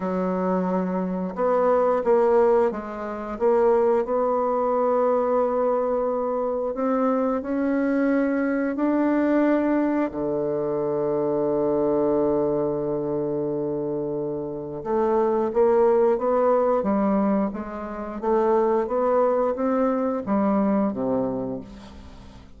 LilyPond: \new Staff \with { instrumentName = "bassoon" } { \time 4/4 \tempo 4 = 89 fis2 b4 ais4 | gis4 ais4 b2~ | b2 c'4 cis'4~ | cis'4 d'2 d4~ |
d1~ | d2 a4 ais4 | b4 g4 gis4 a4 | b4 c'4 g4 c4 | }